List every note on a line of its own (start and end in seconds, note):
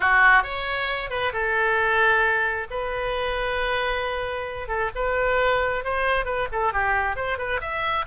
0.00 0.43 F#4
0.43 1.10 C#5
1.10 1.32 B4
1.32 2.67 A4
2.70 4.68 B4
4.68 4.90 A4
4.95 5.84 B4
5.84 6.25 C5
6.25 6.47 B4
6.52 6.73 A4
6.73 7.16 G4
7.16 7.38 C5
7.38 7.60 B4
7.60 8.05 E5